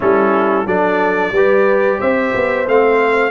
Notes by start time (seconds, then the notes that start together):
0.00 G3 C#4 E4 A4
0.66 F#3 D4 A4 D5
1.31 G3 G4 B4
1.98 C4 C5 E5
2.35 B3
2.67 A3 C4 F5